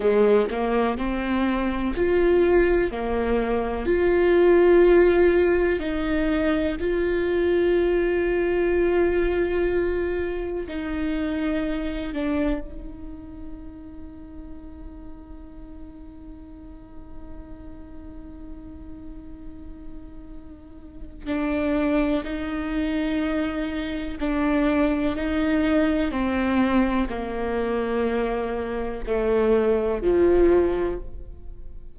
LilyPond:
\new Staff \with { instrumentName = "viola" } { \time 4/4 \tempo 4 = 62 gis8 ais8 c'4 f'4 ais4 | f'2 dis'4 f'4~ | f'2. dis'4~ | dis'8 d'8 dis'2.~ |
dis'1~ | dis'2 d'4 dis'4~ | dis'4 d'4 dis'4 c'4 | ais2 a4 f4 | }